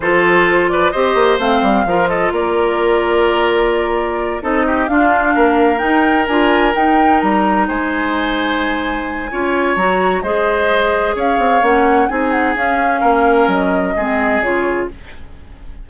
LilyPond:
<<
  \new Staff \with { instrumentName = "flute" } { \time 4/4 \tempo 4 = 129 c''4. d''8 dis''4 f''4~ | f''8 dis''8 d''2.~ | d''4. dis''4 f''4.~ | f''8 g''4 gis''4 g''4 ais''8~ |
ais''8 gis''2.~ gis''8~ | gis''4 ais''4 dis''2 | f''4 fis''4 gis''8 fis''8 f''4~ | f''4 dis''2 cis''4 | }
  \new Staff \with { instrumentName = "oboe" } { \time 4/4 a'4. b'8 c''2 | ais'8 a'8 ais'2.~ | ais'4. a'8 g'8 f'4 ais'8~ | ais'1~ |
ais'8 c''2.~ c''8 | cis''2 c''2 | cis''2 gis'2 | ais'2 gis'2 | }
  \new Staff \with { instrumentName = "clarinet" } { \time 4/4 f'2 g'4 c'4 | f'1~ | f'4. dis'4 d'4.~ | d'8 dis'4 f'4 dis'4.~ |
dis'1 | f'4 fis'4 gis'2~ | gis'4 cis'4 dis'4 cis'4~ | cis'2 c'4 f'4 | }
  \new Staff \with { instrumentName = "bassoon" } { \time 4/4 f2 c'8 ais8 a8 g8 | f4 ais2.~ | ais4. c'4 d'4 ais8~ | ais8 dis'4 d'4 dis'4 g8~ |
g8 gis2.~ gis8 | cis'4 fis4 gis2 | cis'8 c'8 ais4 c'4 cis'4 | ais4 fis4 gis4 cis4 | }
>>